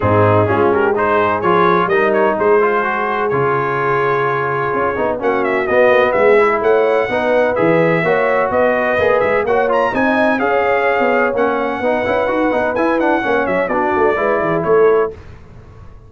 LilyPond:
<<
  \new Staff \with { instrumentName = "trumpet" } { \time 4/4 \tempo 4 = 127 gis'4. ais'8 c''4 cis''4 | dis''8 cis''8 c''2 cis''4~ | cis''2. fis''8 e''8 | dis''4 e''4 fis''2 |
e''2 dis''4. e''8 | fis''8 ais''8 gis''4 f''2 | fis''2. gis''8 fis''8~ | fis''8 e''8 d''2 cis''4 | }
  \new Staff \with { instrumentName = "horn" } { \time 4/4 dis'4 f'8 g'8 gis'2 | ais'4 gis'2.~ | gis'2. fis'4~ | fis'4 gis'4 cis''4 b'4~ |
b'4 cis''4 b'2 | cis''4 dis''4 cis''2~ | cis''4 b'2. | cis''4 fis'4 b'8 gis'8 a'4 | }
  \new Staff \with { instrumentName = "trombone" } { \time 4/4 c'4 cis'4 dis'4 f'4 | dis'4. f'8 fis'4 f'4~ | f'2~ f'8 dis'8 cis'4 | b4. e'4. dis'4 |
gis'4 fis'2 gis'4 | fis'8 f'8 dis'4 gis'2 | cis'4 dis'8 e'8 fis'8 dis'8 e'8 d'8 | cis'4 d'4 e'2 | }
  \new Staff \with { instrumentName = "tuba" } { \time 4/4 gis,4 gis2 f4 | g4 gis2 cis4~ | cis2 cis'8 b8 ais4 | b8 ais16 b16 gis4 a4 b4 |
e4 ais4 b4 ais8 gis8 | ais4 c'4 cis'4~ cis'16 b8. | ais4 b8 cis'8 dis'8 b8 e'4 | ais8 fis8 b8 a8 gis8 e8 a4 | }
>>